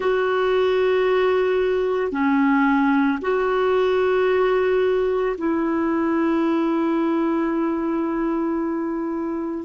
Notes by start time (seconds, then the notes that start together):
0.00 F#4
2.11 C#4
3.21 F#4
5.37 E4